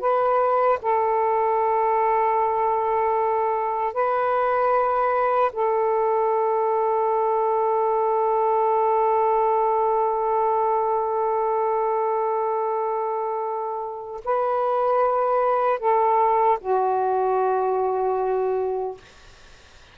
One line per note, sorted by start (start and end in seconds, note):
0.00 0.79 B4
0.82 3.94 A4
3.94 5.52 B4
5.53 14.21 A4
14.25 15.80 B4
15.80 16.59 A4
16.61 18.98 F#4